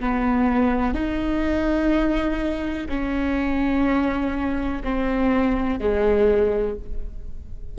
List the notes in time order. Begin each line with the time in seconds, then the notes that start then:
0.00 B3
0.94 D#4
2.89 C#4
4.84 C4
5.79 G#3